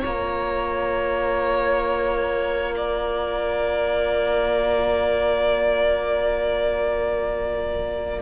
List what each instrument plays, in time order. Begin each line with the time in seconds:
0.00 cello A#3, viola F4, violin C#5 A#5
2.76 violin D5